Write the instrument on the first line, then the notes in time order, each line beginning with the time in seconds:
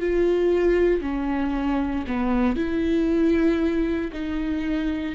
viola
0.00 F4
1.02 C#4
2.07 B3
2.56 E4
4.12 D#4